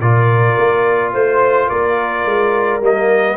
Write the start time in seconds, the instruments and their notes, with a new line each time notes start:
0.00 tuba A#2, trombone F4, horn A#4, trumpet D5
0.57 tuba A#3
1.12 tuba A3, horn C5, trumpet C5
1.67 tuba A#3, horn A#4, trumpet D5
2.25 tuba G#3
2.80 tuba G3, trombone A#3, trumpet D#5